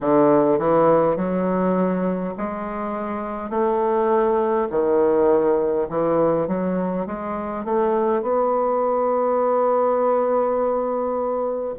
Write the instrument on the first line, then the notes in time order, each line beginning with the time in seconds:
bassoon
0.01 D3
0.59 E3
1.16 F#3
2.37 G#3
3.50 A3
4.70 D#3
5.89 E3
6.47 F#3
7.06 G#3
7.64 A3
8.21 B3